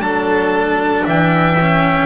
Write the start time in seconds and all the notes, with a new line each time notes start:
0.00 F#3 D4 A4 A5
1.06 E3 E5 G5
1.61 C#4